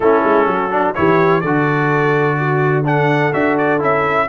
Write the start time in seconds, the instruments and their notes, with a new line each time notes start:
0.00 tuba A3, trombone C#4, horn E4, trumpet A4
0.23 tuba G#3
0.45 tuba F#3, horn F#4
0.70 trombone D4
0.94 tuba E3, trombone E4, horn G4, trumpet C#5
1.40 tuba D3, trombone F#4, horn A4, trumpet D5
2.39 horn F#4
2.84 trombone D4, horn A4, trumpet F#5
3.33 tuba D4, trombone F#4, trumpet E5
3.57 trumpet D5
3.79 tuba C#4, trombone E4, trumpet E5